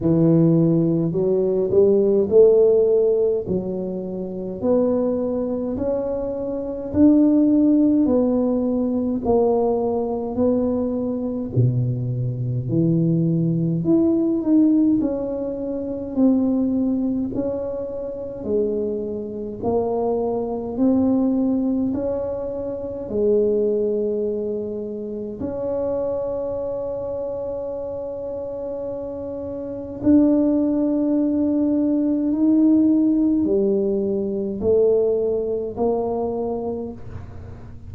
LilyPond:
\new Staff \with { instrumentName = "tuba" } { \time 4/4 \tempo 4 = 52 e4 fis8 g8 a4 fis4 | b4 cis'4 d'4 b4 | ais4 b4 b,4 e4 | e'8 dis'8 cis'4 c'4 cis'4 |
gis4 ais4 c'4 cis'4 | gis2 cis'2~ | cis'2 d'2 | dis'4 g4 a4 ais4 | }